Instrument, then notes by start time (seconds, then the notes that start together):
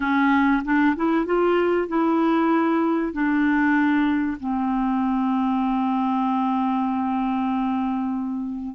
clarinet
0.00 C#4
0.64 D4
0.95 E4
1.25 F4
1.88 E4
3.12 D4
4.39 C4